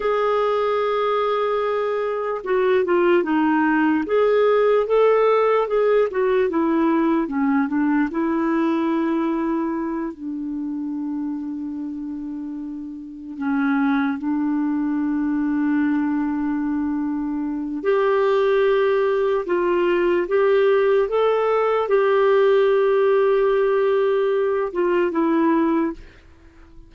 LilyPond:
\new Staff \with { instrumentName = "clarinet" } { \time 4/4 \tempo 4 = 74 gis'2. fis'8 f'8 | dis'4 gis'4 a'4 gis'8 fis'8 | e'4 cis'8 d'8 e'2~ | e'8 d'2.~ d'8~ |
d'8 cis'4 d'2~ d'8~ | d'2 g'2 | f'4 g'4 a'4 g'4~ | g'2~ g'8 f'8 e'4 | }